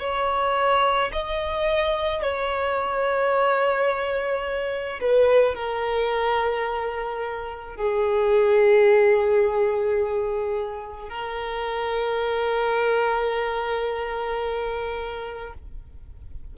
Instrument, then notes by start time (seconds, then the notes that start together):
violin
0.00 C#5
1.13 D#5
2.22 C#5
5.01 B4
5.55 A#4
7.76 G#4
11.09 A#4